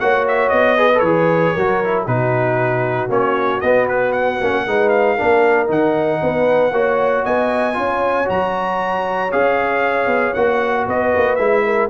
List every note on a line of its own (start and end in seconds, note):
0.00 0.52 A#3
0.00 0.77 F#4
0.00 0.78 C#5
0.00 0.26 F#5
0.28 0.49 E5
0.49 1.02 B3
0.49 1.00 D#5
0.77 0.90 G#4
0.77 1.54 B4
0.95 1.06 A4
0.95 2.03 C#5
1.02 1.53 E3
1.02 1.58 G#4
1.54 2.07 F#3
1.54 1.84 F#4
1.54 2.05 A#4
1.84 2.08 E4
2.05 3.09 B2
2.05 3.09 D#4
2.05 4.64 F#4
2.05 3.11 B4
3.09 3.61 A#3
3.09 3.61 C#4
3.09 3.61 C#5
3.61 4.40 B3
3.61 4.41 B3
3.61 3.87 D#5
3.89 4.12 B4
4.12 4.89 F#5
4.41 4.67 A#3
4.41 4.67 C#4
4.67 5.19 G#3
4.67 5.18 D#4
4.67 5.16 B4
4.89 5.67 F5
5.16 5.70 A#3
5.16 5.68 D4
5.16 6.20 A#4
5.68 6.21 D#3
5.68 6.71 D#4
5.68 7.25 F#5
6.22 6.72 B3
6.22 6.73 B4
6.72 7.23 A#3
6.72 7.74 F#4
6.72 7.25 C#5
7.25 7.78 B3
7.25 7.77 D#5
7.25 8.29 G#5
7.74 8.29 C#4
7.74 8.25 F4
7.74 10.88 C#5
8.25 9.33 F#3
8.25 9.29 F#4
8.25 9.32 A#5
9.32 10.07 C#4
9.32 10.36 G#4
9.32 10.34 F5
10.07 10.33 B3
10.34 10.87 A#3
10.34 11.38 F#4
10.34 10.86 F#5
10.88 11.14 B3
10.88 11.65 B4
10.88 11.36 D#5
11.16 11.38 A#3
11.36 11.90 G#3
11.36 11.90 E4
11.36 11.87 E5
11.65 11.90 A#4